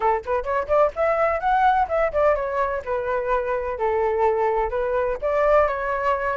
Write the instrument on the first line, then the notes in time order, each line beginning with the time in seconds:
flute
0.00 A4
0.25 B4
0.43 C#5
0.67 D5
0.95 E5
1.40 F#5
1.88 E5
2.12 D5
2.35 C#5
2.84 B4
3.78 A4
4.70 B4
5.21 D5
5.67 C#5